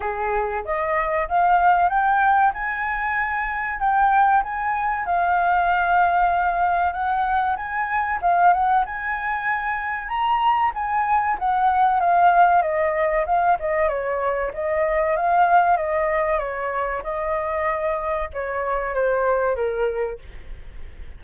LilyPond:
\new Staff \with { instrumentName = "flute" } { \time 4/4 \tempo 4 = 95 gis'4 dis''4 f''4 g''4 | gis''2 g''4 gis''4 | f''2. fis''4 | gis''4 f''8 fis''8 gis''2 |
ais''4 gis''4 fis''4 f''4 | dis''4 f''8 dis''8 cis''4 dis''4 | f''4 dis''4 cis''4 dis''4~ | dis''4 cis''4 c''4 ais'4 | }